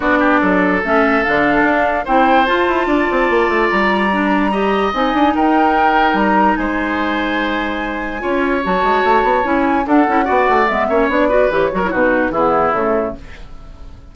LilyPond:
<<
  \new Staff \with { instrumentName = "flute" } { \time 4/4 \tempo 4 = 146 d''2 e''4 f''4~ | f''4 g''4 a''2~ | a''4 ais''2. | gis''4 g''2 ais''4 |
gis''1~ | gis''4 a''2 gis''4 | fis''2 e''4 d''4 | cis''4 b'4 gis'4 a'4 | }
  \new Staff \with { instrumentName = "oboe" } { \time 4/4 fis'8 g'8 a'2.~ | a'4 c''2 d''4~ | d''2. dis''4~ | dis''4 ais'2. |
c''1 | cis''1 | a'4 d''4. cis''4 b'8~ | b'8 ais'8 fis'4 e'2 | }
  \new Staff \with { instrumentName = "clarinet" } { \time 4/4 d'2 cis'4 d'4~ | d'4 e'4 f'2~ | f'2 d'4 g'4 | dis'1~ |
dis'1 | f'4 fis'2 e'4 | d'8 e'8 fis'4 b8 cis'8 d'8 fis'8 | g'8 fis'16 e'16 dis'4 b4 a4 | }
  \new Staff \with { instrumentName = "bassoon" } { \time 4/4 b4 fis4 a4 d4 | d'4 c'4 f'8 e'8 d'8 c'8 | ais8 a8 g2. | c'8 d'8 dis'2 g4 |
gis1 | cis'4 fis8 gis8 a8 b8 cis'4 | d'8 cis'8 b8 a8 gis8 ais8 b4 | e8 fis8 b,4 e4 cis4 | }
>>